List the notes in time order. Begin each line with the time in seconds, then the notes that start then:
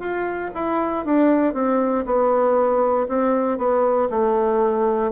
0.00 F4
0.55 E4
1.05 D4
1.54 C4
2.06 B3
3.09 C4
3.59 B3
4.10 A3